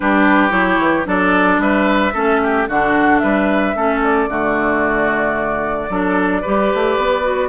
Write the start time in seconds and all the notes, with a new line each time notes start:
0.00 G3 D4 G4 B4
0.49 F#3 E4 C#5
0.78 E3
1.05 F#3 D4 A4 D5
1.57 G3 B4 E5
2.13 A3 C#4 A4
2.43 G4
2.68 D3 D4 F#4 F#5
3.18 G3 B4 E5
3.74 A3 C#4 A4
4.03 D5
4.28 D3 A3 F#4
5.89 F#3 D4 A4
6.41 G3 G4 B4
6.73 A3
6.97 B3
7.22 F#4